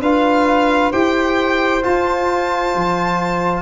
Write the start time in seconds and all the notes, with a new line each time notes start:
0.00 D4 F4 B4 F5
0.91 E4 G4 C5 G5
1.82 F4 A5
2.75 F3